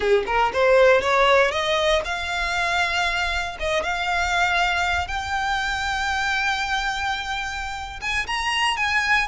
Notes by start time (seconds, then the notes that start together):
0.00 G#4
0.26 A#4
0.53 C5
1.01 C#5
1.51 D#5
2.05 F5
3.59 D#5
3.83 F5
5.07 G5
8.01 G#5
8.27 A#5
8.77 G#5